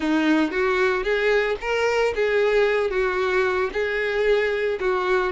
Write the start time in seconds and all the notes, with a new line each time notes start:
0.00 D#4
0.51 F#4
1.03 G#4
1.60 A#4
2.15 G#4
2.90 F#4
3.72 G#4
4.80 F#4